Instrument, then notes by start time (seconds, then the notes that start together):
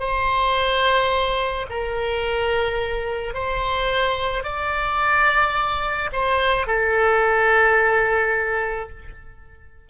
oboe
0.00 C5
1.70 A#4
3.34 C5
4.44 D5
6.13 C5
6.67 A4